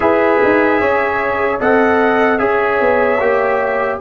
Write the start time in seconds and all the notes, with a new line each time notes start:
0.00 E4 G#4 B4 E5
0.44 D#4
0.79 C#4 C#5
1.60 C4 A4 D#5 F#5
2.38 C#4 G#4 C#5 E5
2.80 B3
3.20 A#3 G4